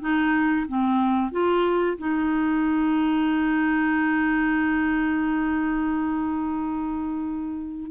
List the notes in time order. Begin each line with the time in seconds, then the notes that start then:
0.00 D#4
0.67 C4
1.31 F4
1.98 D#4